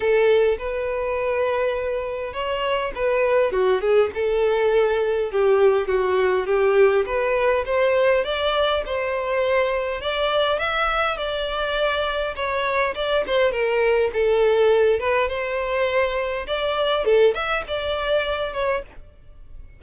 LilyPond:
\new Staff \with { instrumentName = "violin" } { \time 4/4 \tempo 4 = 102 a'4 b'2. | cis''4 b'4 fis'8 gis'8 a'4~ | a'4 g'4 fis'4 g'4 | b'4 c''4 d''4 c''4~ |
c''4 d''4 e''4 d''4~ | d''4 cis''4 d''8 c''8 ais'4 | a'4. b'8 c''2 | d''4 a'8 e''8 d''4. cis''8 | }